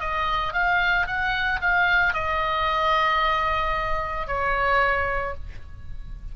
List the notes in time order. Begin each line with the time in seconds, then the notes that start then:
0.00 D#5
0.53 F5
1.06 F#5
1.61 F5
2.13 D#5
4.27 C#5